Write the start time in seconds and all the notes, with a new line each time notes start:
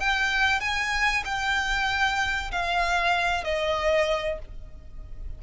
0.00 G5
0.61 G#5
1.25 G5
2.52 F5
3.44 D#5